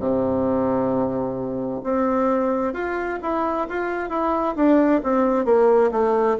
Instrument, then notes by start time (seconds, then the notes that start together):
bassoon
0.00 C3
1.84 C4
2.74 F4
3.23 E4
3.69 F4
4.10 E4
4.57 D4
5.04 C4
5.45 A#3
5.92 A3